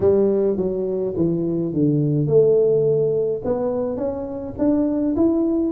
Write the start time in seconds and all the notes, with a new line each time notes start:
0.00 G3
0.56 F#3
1.16 E3
1.73 D3
2.27 A3
3.44 B3
3.96 C#4
4.58 D4
5.16 E4